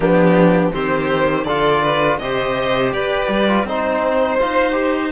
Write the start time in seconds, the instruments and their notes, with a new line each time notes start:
0.00 cello F3, trombone B3, violin D4 G4
0.72 cello D#3, trombone C4, violin G4 C5
1.44 cello D3, trombone F4, violin A4 D5
1.82 violin B4
2.19 cello C3, trombone G4, violin C5 D#5
2.92 cello G4, violin B4 D5
3.28 cello G3
3.47 trombone F4
3.63 cello C4, trombone D#4, violin C5
4.40 cello D#4, trombone F4
4.72 trombone G4